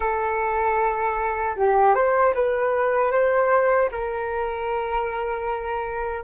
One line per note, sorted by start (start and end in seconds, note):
0.00 1.55 A4
1.56 1.94 G4
1.94 2.33 C5
2.34 3.11 B4
3.11 3.89 C5
3.91 6.23 A#4